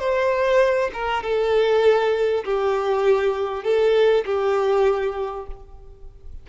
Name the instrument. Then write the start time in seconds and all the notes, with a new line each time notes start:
violin
0.00 C5
0.94 A#4
1.23 A4
2.45 G4
3.64 A4
4.26 G4